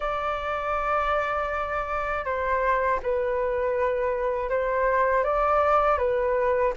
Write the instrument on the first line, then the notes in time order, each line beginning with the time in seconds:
flute
0.00 D5
2.24 C5
3.02 B4
4.49 C5
5.23 D5
5.98 B4